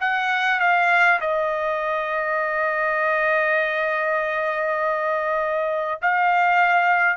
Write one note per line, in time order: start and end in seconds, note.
0.00 0.60 F#5
0.60 1.20 F5
1.21 6.01 D#5
6.02 7.17 F5